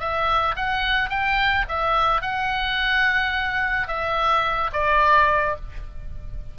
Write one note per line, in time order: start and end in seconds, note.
0.00 0.56 E5
0.57 1.10 F#5
1.10 1.66 G5
1.69 2.22 E5
2.22 3.88 F#5
3.88 4.71 E5
4.73 5.56 D5